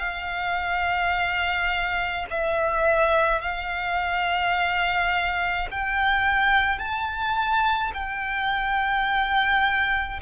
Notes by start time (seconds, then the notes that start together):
0.00 F5
2.31 E5
3.42 F5
5.71 G5
6.79 A5
7.94 G5